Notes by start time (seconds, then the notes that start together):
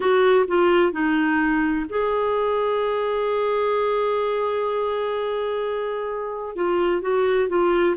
0.00 F#4
0.47 F4
0.92 D#4
1.89 G#4
6.55 F4
7.01 F#4
7.48 F4